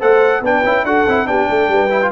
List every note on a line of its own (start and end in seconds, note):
0.00 0.41 A3
0.00 0.43 A4
0.00 0.42 C5
0.00 0.44 F#5
0.41 0.63 B3
0.41 0.65 D4
0.41 0.86 B4
0.41 0.86 G5
0.64 0.84 C#4
0.64 0.86 E4
0.84 1.05 D4
0.84 1.08 F#4
0.84 1.28 A4
0.84 1.27 F#5
1.08 1.27 C4
1.08 1.26 E4
1.26 1.48 B3
1.26 1.90 D4
1.26 1.50 G4
1.26 2.12 G5
1.50 1.68 A3
1.50 1.72 A4
1.68 2.11 G3
1.68 2.12 B4
1.90 2.01 E4
2.02 2.12 F4